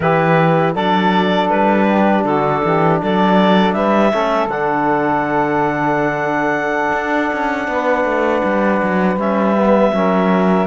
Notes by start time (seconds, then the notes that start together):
0.00 E3 E4 G4 B4
0.73 F#3 D4 A4 D5
1.49 G3 B4
1.87 G4
2.24 D3 F#4 A4
2.63 E3 G4
3.01 F#3 A4 D5
3.73 G3 B4 E5
4.12 A3 C#4 A4
4.47 D3 D4 F#5
6.92 D4
7.33 C#4
7.67 B3 B4
8.04 A3
8.44 G3
8.82 F#3
9.16 G3 C#4 E5
9.58 B3
9.92 F#3 C#4 A#4